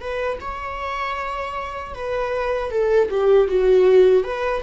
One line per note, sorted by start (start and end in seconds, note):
0.00 0.38 B4
0.41 1.94 C#5
1.94 2.71 B4
2.71 3.09 A4
3.10 3.48 G4
3.48 4.24 F#4
4.24 4.62 B4